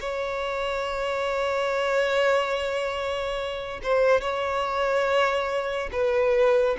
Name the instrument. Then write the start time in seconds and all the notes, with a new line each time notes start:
violin
0.00 C#5
3.83 C5
4.21 C#5
5.92 B4